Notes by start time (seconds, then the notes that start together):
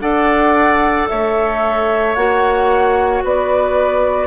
0.00 D4 A4 D5 F#5
1.08 A3 C#5 E5
2.15 A#3 F#4 F#5
3.23 B3 B4 D5